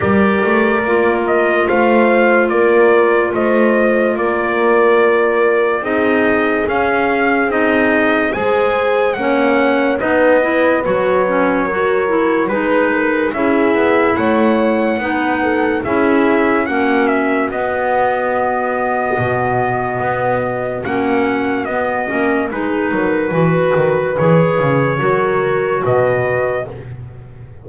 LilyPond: <<
  \new Staff \with { instrumentName = "trumpet" } { \time 4/4 \tempo 4 = 72 d''4. dis''8 f''4 d''4 | dis''4 d''2 dis''4 | f''4 dis''4 gis''4 fis''4 | dis''4 cis''2 b'4 |
e''4 fis''2 e''4 | fis''8 e''8 dis''2.~ | dis''4 fis''4 dis''4 b'4~ | b'4 cis''2 dis''4 | }
  \new Staff \with { instrumentName = "horn" } { \time 4/4 ais'2 c''4 ais'4 | c''4 ais'2 gis'4~ | gis'2 c''4 cis''4 | b'2 ais'4 b'8 ais'8 |
gis'4 cis''4 b'8 a'8 gis'4 | fis'1~ | fis'2. gis'8 ais'8 | b'2 ais'4 b'4 | }
  \new Staff \with { instrumentName = "clarinet" } { \time 4/4 g'4 f'2.~ | f'2. dis'4 | cis'4 dis'4 gis'4 cis'4 | dis'8 e'8 fis'8 cis'8 fis'8 e'8 dis'4 |
e'2 dis'4 e'4 | cis'4 b2.~ | b4 cis'4 b8 cis'8 dis'4 | fis'4 gis'4 fis'2 | }
  \new Staff \with { instrumentName = "double bass" } { \time 4/4 g8 a8 ais4 a4 ais4 | a4 ais2 c'4 | cis'4 c'4 gis4 ais4 | b4 fis2 gis4 |
cis'8 b8 a4 b4 cis'4 | ais4 b2 b,4 | b4 ais4 b8 ais8 gis8 fis8 | e8 dis8 e8 cis8 fis4 b,4 | }
>>